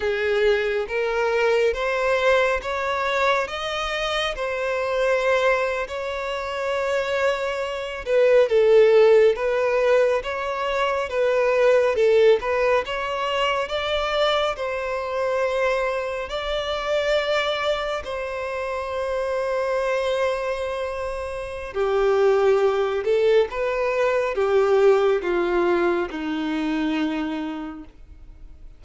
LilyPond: \new Staff \with { instrumentName = "violin" } { \time 4/4 \tempo 4 = 69 gis'4 ais'4 c''4 cis''4 | dis''4 c''4.~ c''16 cis''4~ cis''16~ | cis''4~ cis''16 b'8 a'4 b'4 cis''16~ | cis''8. b'4 a'8 b'8 cis''4 d''16~ |
d''8. c''2 d''4~ d''16~ | d''8. c''2.~ c''16~ | c''4 g'4. a'8 b'4 | g'4 f'4 dis'2 | }